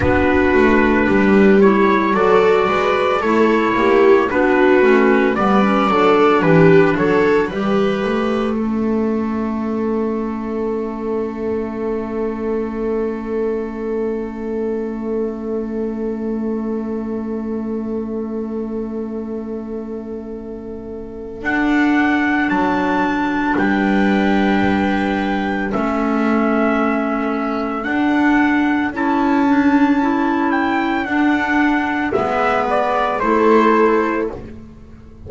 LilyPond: <<
  \new Staff \with { instrumentName = "trumpet" } { \time 4/4 \tempo 4 = 56 b'4. cis''8 d''4 cis''4 | b'4 d''4 b'8 cis''8 e''4~ | e''1~ | e''1~ |
e''1 | fis''4 a''4 g''2 | e''2 fis''4 a''4~ | a''8 g''8 fis''4 e''8 d''8 c''4 | }
  \new Staff \with { instrumentName = "viola" } { \time 4/4 fis'4 g'4 a'8 b'8 a'8 g'8 | fis'4 b'8 a'8 g'8 a'8 b'4 | a'1~ | a'1~ |
a'1~ | a'2 b'2 | a'1~ | a'2 b'4 a'4 | }
  \new Staff \with { instrumentName = "clarinet" } { \time 4/4 d'4. e'8 fis'4 e'4 | d'8 cis'8 b16 cis'16 d'4. g'4 | cis'1~ | cis'1~ |
cis'1 | d'1 | cis'2 d'4 e'8 d'8 | e'4 d'4 b4 e'4 | }
  \new Staff \with { instrumentName = "double bass" } { \time 4/4 b8 a8 g4 fis8 gis8 a8 ais8 | b8 a8 g8 fis8 e8 fis8 g8 a8~ | a1~ | a1~ |
a1 | d'4 fis4 g2 | a2 d'4 cis'4~ | cis'4 d'4 gis4 a4 | }
>>